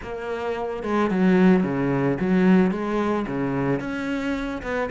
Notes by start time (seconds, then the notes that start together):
0.02 A#3
0.83 G#3
1.10 F#3
1.63 C#3
2.20 F#3
2.71 G#3
3.27 C#3
3.80 C#4
4.62 B3